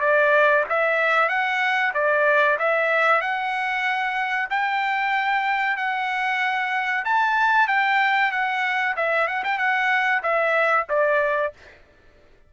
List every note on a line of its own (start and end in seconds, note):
0.00 0.64 D5
0.69 1.29 E5
1.29 1.92 F#5
1.94 2.58 D5
2.59 3.21 E5
3.21 4.49 F#5
4.50 5.76 G5
5.76 7.04 F#5
7.05 7.67 A5
7.67 8.31 G5
8.31 8.95 F#5
8.96 9.27 E5
9.27 9.43 F#5
9.44 9.58 G5
9.58 10.22 F#5
10.23 10.87 E5
10.89 11.53 D5